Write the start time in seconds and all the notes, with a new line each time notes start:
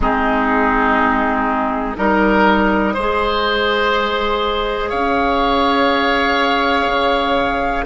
0.00 G#3 C4 D#4 G#4
1.96 G3 D#4 A#4 D#5
2.93 G#3 G#4 C5
4.89 C#4 C#5 F5
6.86 C#3